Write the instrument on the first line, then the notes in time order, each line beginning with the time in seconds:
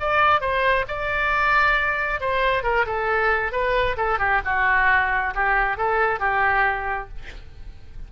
oboe
0.00 D5
0.41 C5
0.88 D5
2.21 C5
2.64 A#4
2.86 A4
3.52 B4
3.97 A4
4.19 G4
4.45 F#4
5.35 G4
5.77 A4
6.20 G4